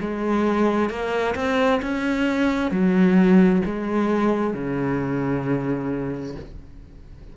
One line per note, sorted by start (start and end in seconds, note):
0.00 0.89 G#3
0.89 1.35 A#3
1.35 1.81 C4
1.81 2.71 C#4
2.71 3.62 F#3
3.65 4.53 G#3
4.53 6.35 C#3